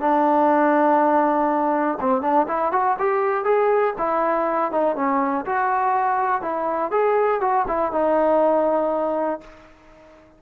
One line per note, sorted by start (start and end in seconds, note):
0.00 1.98 D4
2.00 2.22 C4
2.22 2.46 D4
2.47 2.72 E4
2.72 2.97 F#4
2.99 3.44 G4
3.44 3.94 G#4
3.98 4.72 E4
4.72 4.96 D#4
4.96 5.45 C#4
5.46 6.41 F#4
6.41 6.91 E4
6.91 7.41 G#4
7.41 7.66 F#4
7.68 7.92 E4
7.92 9.41 D#4